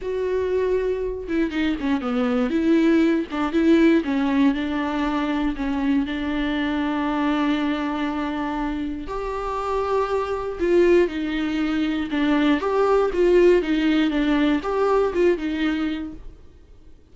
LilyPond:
\new Staff \with { instrumentName = "viola" } { \time 4/4 \tempo 4 = 119 fis'2~ fis'8 e'8 dis'8 cis'8 | b4 e'4. d'8 e'4 | cis'4 d'2 cis'4 | d'1~ |
d'2 g'2~ | g'4 f'4 dis'2 | d'4 g'4 f'4 dis'4 | d'4 g'4 f'8 dis'4. | }